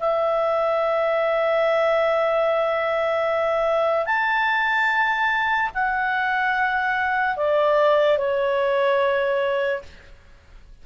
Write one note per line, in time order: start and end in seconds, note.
0.00 4.06 E5
4.06 5.71 A5
5.75 7.37 F#5
7.37 8.18 D5
8.18 9.83 C#5